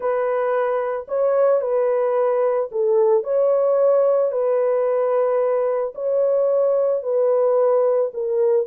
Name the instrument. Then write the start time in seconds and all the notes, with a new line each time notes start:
horn
0.00 B4
1.07 C#5
1.61 B4
2.71 A4
3.23 C#5
4.31 B4
5.94 C#5
7.02 B4
8.13 A#4